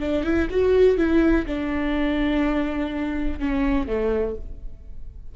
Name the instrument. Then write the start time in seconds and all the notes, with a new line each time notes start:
viola
0.00 D4
0.24 E4
0.50 F#4
0.98 E4
1.46 D4
3.40 C#4
3.87 A3